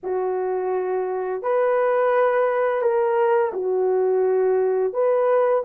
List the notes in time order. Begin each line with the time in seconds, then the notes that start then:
0.03 F#4
1.42 B4
2.81 A#4
3.53 F#4
4.93 B4